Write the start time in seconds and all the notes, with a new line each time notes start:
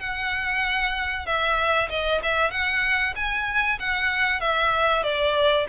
0.00 F#5
1.26 E5
1.90 D#5
2.23 E5
2.51 F#5
3.16 G#5
3.80 F#5
4.41 E5
5.04 D5